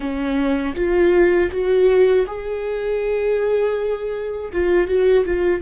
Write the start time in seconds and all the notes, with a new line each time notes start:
0.00 C#4
0.75 F4
1.51 F#4
2.27 G#4
4.52 F4
4.87 F#4
5.25 F4